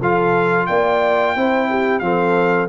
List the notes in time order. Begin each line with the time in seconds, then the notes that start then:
0.00 F3 F4 A4 F5
0.66 A#3 D5 G5
1.36 C4 E4 C5
1.69 G4
1.99 F3 C4 A4 F5